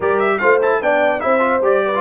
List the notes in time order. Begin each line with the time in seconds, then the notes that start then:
0.00 G3 G4 A#4 D5
0.19 E5
0.38 A3 F4 C5 F5
0.61 E4 A5
0.81 B3 D4 D5 G5
1.19 C4 E4 C5 E5
1.39 F4
1.61 G3 G4 D5
1.85 B4
1.94 F4